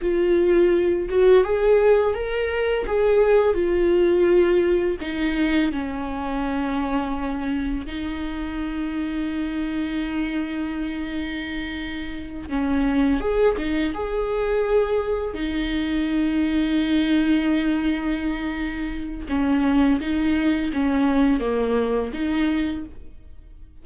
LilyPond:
\new Staff \with { instrumentName = "viola" } { \time 4/4 \tempo 4 = 84 f'4. fis'8 gis'4 ais'4 | gis'4 f'2 dis'4 | cis'2. dis'4~ | dis'1~ |
dis'4. cis'4 gis'8 dis'8 gis'8~ | gis'4. dis'2~ dis'8~ | dis'2. cis'4 | dis'4 cis'4 ais4 dis'4 | }